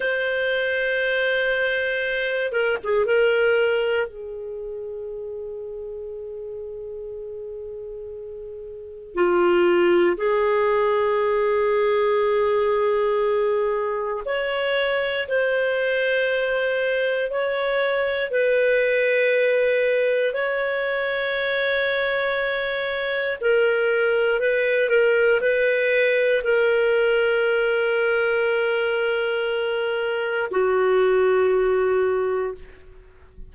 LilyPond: \new Staff \with { instrumentName = "clarinet" } { \time 4/4 \tempo 4 = 59 c''2~ c''8 ais'16 gis'16 ais'4 | gis'1~ | gis'4 f'4 gis'2~ | gis'2 cis''4 c''4~ |
c''4 cis''4 b'2 | cis''2. ais'4 | b'8 ais'8 b'4 ais'2~ | ais'2 fis'2 | }